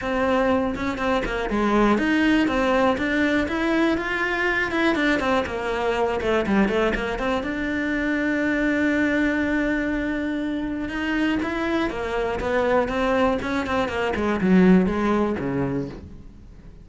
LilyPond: \new Staff \with { instrumentName = "cello" } { \time 4/4 \tempo 4 = 121 c'4. cis'8 c'8 ais8 gis4 | dis'4 c'4 d'4 e'4 | f'4. e'8 d'8 c'8 ais4~ | ais8 a8 g8 a8 ais8 c'8 d'4~ |
d'1~ | d'2 dis'4 e'4 | ais4 b4 c'4 cis'8 c'8 | ais8 gis8 fis4 gis4 cis4 | }